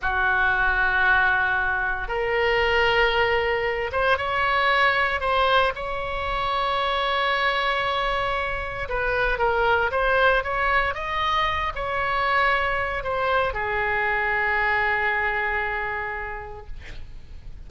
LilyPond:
\new Staff \with { instrumentName = "oboe" } { \time 4/4 \tempo 4 = 115 fis'1 | ais'2.~ ais'8 c''8 | cis''2 c''4 cis''4~ | cis''1~ |
cis''4 b'4 ais'4 c''4 | cis''4 dis''4. cis''4.~ | cis''4 c''4 gis'2~ | gis'1 | }